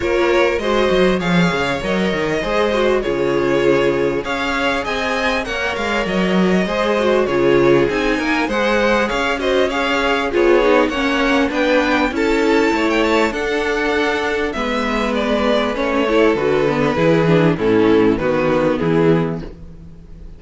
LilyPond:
<<
  \new Staff \with { instrumentName = "violin" } { \time 4/4 \tempo 4 = 99 cis''4 dis''4 f''4 dis''4~ | dis''4 cis''2 f''4 | gis''4 fis''8 f''8 dis''2 | cis''4 gis''4 fis''4 f''8 dis''8 |
f''4 cis''4 fis''4 g''4 | a''4~ a''16 g''16 a''8 fis''2 | e''4 d''4 cis''4 b'4~ | b'4 a'4 b'4 gis'4 | }
  \new Staff \with { instrumentName = "violin" } { \time 4/4 ais'4 c''4 cis''2 | c''4 gis'2 cis''4 | dis''4 cis''2 c''4 | gis'4. ais'8 c''4 cis''8 c''8 |
cis''4 gis'4 cis''4 b'4 | a'4 cis''4 a'2 | b'2~ b'8 a'4. | gis'4 e'4 fis'4 e'4 | }
  \new Staff \with { instrumentName = "viola" } { \time 4/4 f'4 fis'4 gis'4 ais'4 | gis'8 fis'8 f'2 gis'4~ | gis'4 ais'2 gis'8 fis'8 | f'4 dis'4 gis'4. fis'8 |
gis'4 f'8 dis'8 cis'4 d'4 | e'2 d'2 | b2 cis'8 e'8 fis'8 b8 | e'8 d'8 cis'4 b2 | }
  \new Staff \with { instrumentName = "cello" } { \time 4/4 ais4 gis8 fis8 f8 cis8 fis8 dis8 | gis4 cis2 cis'4 | c'4 ais8 gis8 fis4 gis4 | cis4 c'8 ais8 gis4 cis'4~ |
cis'4 b4 ais4 b4 | cis'4 a4 d'2 | gis2 a4 d4 | e4 a,4 dis4 e4 | }
>>